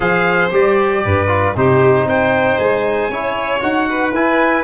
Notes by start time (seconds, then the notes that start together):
0.00 F3 G#4 C5 F5
0.50 G3 G4 D5
1.04 G2 B4
1.27 F4
1.55 C3 D#4 G4 C5
2.05 C4 C5 G5
2.58 G#3 G#5
3.09 C#4 E4 C#5
3.60 D#4 F#4 F#5
3.89 B4
4.12 E4 G#5